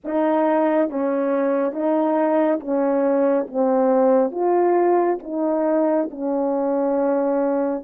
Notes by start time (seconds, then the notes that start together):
0.04 D#4
0.89 C#4
1.72 D#4
2.60 C#4
3.47 C4
4.31 F4
5.22 D#4
6.11 C#4